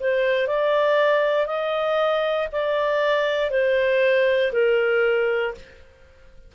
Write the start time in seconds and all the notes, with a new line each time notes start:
0.00 C5
0.47 D5
1.47 D#5
2.52 D5
3.50 C5
4.53 A#4